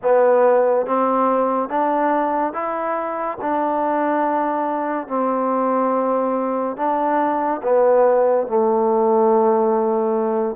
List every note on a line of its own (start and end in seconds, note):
0.02 0.86 B3
0.86 1.69 C4
1.69 2.53 D4
2.53 3.38 E4
3.41 5.07 D4
5.07 6.76 C4
6.76 7.61 D4
7.62 8.47 B3
8.47 10.55 A3